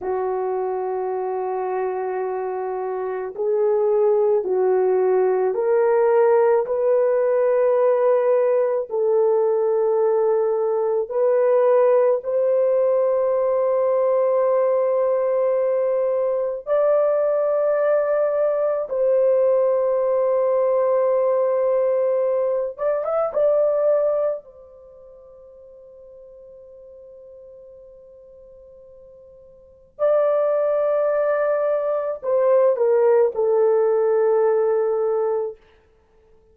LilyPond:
\new Staff \with { instrumentName = "horn" } { \time 4/4 \tempo 4 = 54 fis'2. gis'4 | fis'4 ais'4 b'2 | a'2 b'4 c''4~ | c''2. d''4~ |
d''4 c''2.~ | c''8 d''16 e''16 d''4 c''2~ | c''2. d''4~ | d''4 c''8 ais'8 a'2 | }